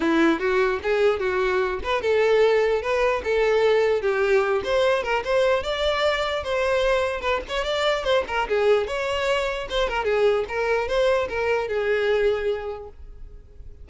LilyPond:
\new Staff \with { instrumentName = "violin" } { \time 4/4 \tempo 4 = 149 e'4 fis'4 gis'4 fis'4~ | fis'8 b'8 a'2 b'4 | a'2 g'4. c''8~ | c''8 ais'8 c''4 d''2 |
c''2 b'8 cis''8 d''4 | c''8 ais'8 gis'4 cis''2 | c''8 ais'8 gis'4 ais'4 c''4 | ais'4 gis'2. | }